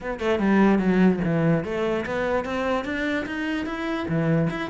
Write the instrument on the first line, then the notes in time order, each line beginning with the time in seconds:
cello
0.01 B3
0.19 A3
0.39 G3
0.79 F#3
1.24 E3
1.64 A3
2.05 B3
2.45 C4
2.84 D4
3.26 D#4
3.65 E4
4.08 E3
4.50 E4